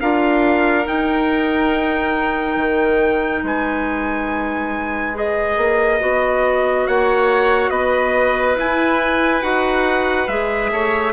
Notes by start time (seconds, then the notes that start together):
0.00 D4 F4 A#4 F5
0.84 D#4 G5
2.56 D#3
3.42 G#3 B4 G#5
5.14 G#4 D#5
5.57 A#3
5.99 B3 F#4
6.87 A#3 C#5 F#5
7.69 B3 B4 D#5
8.55 E4 G#5
9.41 D#4 F#4 F#5
10.28 G#3 G#4 E5
10.71 A3 C#5